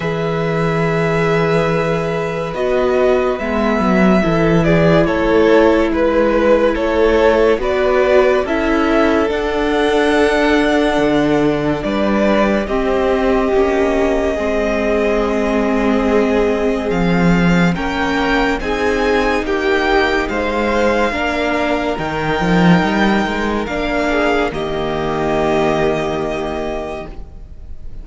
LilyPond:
<<
  \new Staff \with { instrumentName = "violin" } { \time 4/4 \tempo 4 = 71 e''2. dis''4 | e''4. d''8 cis''4 b'4 | cis''4 d''4 e''4 fis''4~ | fis''2 d''4 dis''4~ |
dis''1 | f''4 g''4 gis''4 g''4 | f''2 g''2 | f''4 dis''2. | }
  \new Staff \with { instrumentName = "violin" } { \time 4/4 b'1~ | b'4 a'8 gis'8 a'4 b'4 | a'4 b'4 a'2~ | a'2 b'4 g'4~ |
g'4 gis'2.~ | gis'4 ais'4 gis'4 g'4 | c''4 ais'2.~ | ais'8 gis'8 g'2. | }
  \new Staff \with { instrumentName = "viola" } { \time 4/4 gis'2. fis'4 | b4 e'2.~ | e'4 fis'4 e'4 d'4~ | d'2. c'4 |
cis'4 c'2.~ | c'4 cis'4 dis'2~ | dis'4 d'4 dis'2 | d'4 ais2. | }
  \new Staff \with { instrumentName = "cello" } { \time 4/4 e2. b4 | gis8 fis8 e4 a4 gis4 | a4 b4 cis'4 d'4~ | d'4 d4 g4 c'4 |
ais4 gis2. | f4 ais4 c'4 ais4 | gis4 ais4 dis8 f8 g8 gis8 | ais4 dis2. | }
>>